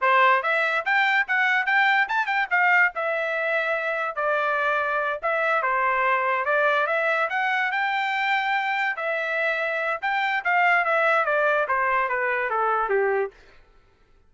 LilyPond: \new Staff \with { instrumentName = "trumpet" } { \time 4/4 \tempo 4 = 144 c''4 e''4 g''4 fis''4 | g''4 a''8 g''8 f''4 e''4~ | e''2 d''2~ | d''8 e''4 c''2 d''8~ |
d''8 e''4 fis''4 g''4.~ | g''4. e''2~ e''8 | g''4 f''4 e''4 d''4 | c''4 b'4 a'4 g'4 | }